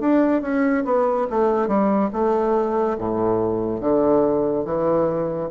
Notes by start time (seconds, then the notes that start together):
0.00 D4
0.41 C#4
0.85 B3
1.30 A3
1.67 G3
2.13 A3
2.98 A2
3.81 D3
4.65 E3